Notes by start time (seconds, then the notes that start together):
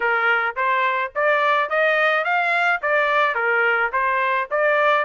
0.00 A#4
0.56 C5
1.15 D5
1.69 D#5
2.24 F5
2.82 D5
3.35 A#4
3.92 C5
4.51 D5